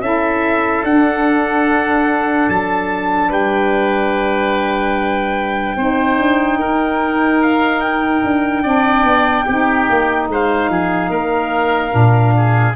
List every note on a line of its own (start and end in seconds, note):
0.00 0.82 C#4
0.00 0.84 E4
0.00 3.29 A4
0.00 0.83 E5
0.83 2.48 D4
0.83 5.76 D4
0.83 2.49 F#5
2.48 3.30 F#3
2.48 3.31 A5
3.29 5.76 G3
3.29 5.76 B4
3.29 7.42 G5
5.76 6.17 C4
5.76 8.64 D#4
5.76 6.59 C5
6.17 6.59 D4
6.59 8.23 D#4
6.59 8.62 A#4
7.42 7.80 F5
7.80 10.27 G5
8.23 8.64 D4
8.62 9.04 C4
8.62 9.46 D4
8.62 9.45 D5
9.04 9.45 B3
9.45 9.89 C4
9.45 11.90 D#4
9.45 10.28 G4
9.90 10.28 A#3
10.28 10.69 G#3
10.28 10.71 C5
10.28 12.76 F5
10.70 11.09 F3
10.70 11.10 G#4
11.09 11.91 A#3
11.09 12.33 A#4
11.90 12.76 A#2
11.90 12.72 D4
12.36 12.76 G#4